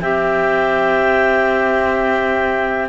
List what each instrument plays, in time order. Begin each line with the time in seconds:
0.00 cello C4, clarinet G4 G5, saxophone E5